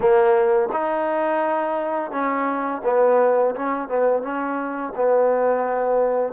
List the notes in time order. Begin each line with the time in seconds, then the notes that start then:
0.00 A#3
0.72 D#4
2.11 C#4
2.84 B3
3.55 C#4
3.88 B3
4.22 C#4
4.96 B3